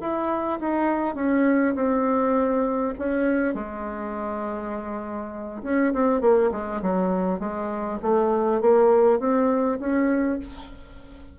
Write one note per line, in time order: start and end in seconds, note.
0.00 0.59 E4
0.59 1.15 D#4
1.15 1.74 C#4
1.75 2.94 C4
2.98 3.54 C#4
3.54 5.62 G#3
5.63 5.93 C#4
5.93 6.21 C4
6.21 6.50 A#3
6.51 6.81 G#3
6.82 7.39 F#3
7.39 7.98 G#3
8.02 8.61 A3
8.61 9.19 A#3
9.19 9.79 C4
9.80 10.39 C#4